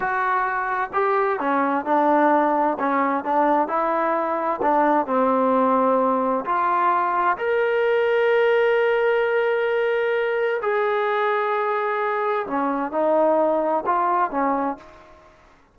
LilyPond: \new Staff \with { instrumentName = "trombone" } { \time 4/4 \tempo 4 = 130 fis'2 g'4 cis'4 | d'2 cis'4 d'4 | e'2 d'4 c'4~ | c'2 f'2 |
ais'1~ | ais'2. gis'4~ | gis'2. cis'4 | dis'2 f'4 cis'4 | }